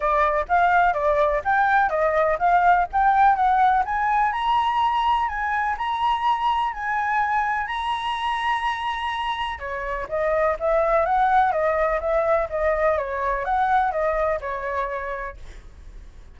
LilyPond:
\new Staff \with { instrumentName = "flute" } { \time 4/4 \tempo 4 = 125 d''4 f''4 d''4 g''4 | dis''4 f''4 g''4 fis''4 | gis''4 ais''2 gis''4 | ais''2 gis''2 |
ais''1 | cis''4 dis''4 e''4 fis''4 | dis''4 e''4 dis''4 cis''4 | fis''4 dis''4 cis''2 | }